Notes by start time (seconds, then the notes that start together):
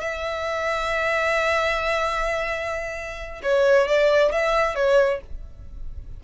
0.00 E5
3.43 C#5
3.88 D5
4.32 E5
4.75 C#5